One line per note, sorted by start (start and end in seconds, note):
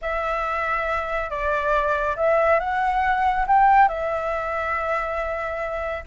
0.01 1.29 E5
1.29 2.16 D5
2.16 2.59 E5
2.59 3.46 F#5
3.47 3.88 G5
3.88 6.04 E5